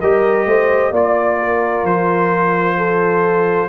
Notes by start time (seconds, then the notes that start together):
0.00 G3 G4 A#4 D#5
0.45 A3 C5
0.91 A#3 F4 D5
1.39 A#4
1.83 F3 C5
2.77 A4